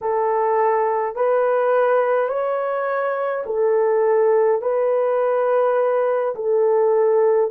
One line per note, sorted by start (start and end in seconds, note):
0.01 1.15 A4
1.15 2.28 B4
2.28 3.44 C#5
3.46 4.61 A4
4.62 6.35 B4
6.35 7.50 A4